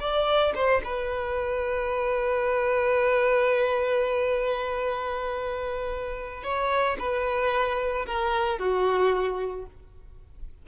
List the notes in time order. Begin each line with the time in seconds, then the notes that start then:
0.00 D5
0.56 C5
0.84 B4
6.44 C#5
6.99 B4
8.06 A#4
8.59 F#4